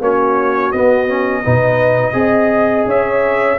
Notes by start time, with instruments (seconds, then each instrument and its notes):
0.00 tuba A#3, trombone C#4, horn F#4, trumpet C#5
0.71 trombone B3, tuba B3, trumpet D#5
1.07 trombone C#4
1.43 tuba B2, trombone D#4, horn B4
2.13 tuba C4, trombone G#4, horn D#5
2.85 tuba C#4, horn C#5, trumpet E5